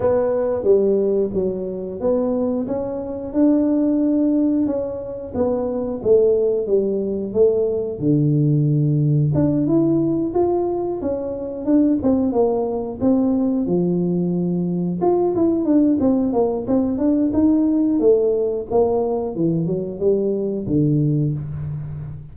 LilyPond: \new Staff \with { instrumentName = "tuba" } { \time 4/4 \tempo 4 = 90 b4 g4 fis4 b4 | cis'4 d'2 cis'4 | b4 a4 g4 a4 | d2 d'8 e'4 f'8~ |
f'8 cis'4 d'8 c'8 ais4 c'8~ | c'8 f2 f'8 e'8 d'8 | c'8 ais8 c'8 d'8 dis'4 a4 | ais4 e8 fis8 g4 d4 | }